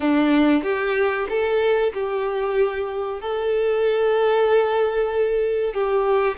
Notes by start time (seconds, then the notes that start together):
0.00 D4
0.63 G4
1.29 A4
1.93 G4
3.21 A4
5.73 G4